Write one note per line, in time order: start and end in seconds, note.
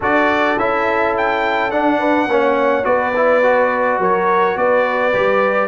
0.00 0.58 D4
0.00 0.58 F#4
0.00 1.98 A4
0.00 0.58 D5
0.58 1.71 C#4
0.58 1.71 E4
0.58 1.15 E5
1.17 1.70 G5
1.70 2.28 D4
1.70 2.27 D4
1.70 2.84 F#5
1.98 2.26 B4
2.27 2.84 A#3
2.27 2.83 C#4
2.27 2.86 C#5
2.83 3.98 B3
2.83 3.12 F#4
2.83 4.00 B4
2.83 3.99 D5
3.16 3.42 E4
3.42 5.12 F#4
3.98 4.56 F#3
3.98 4.57 A#4
3.98 4.57 C#5
4.56 5.13 B3
4.56 5.68 B4
4.56 5.68 D5
5.12 5.68 G3
5.12 5.68 G4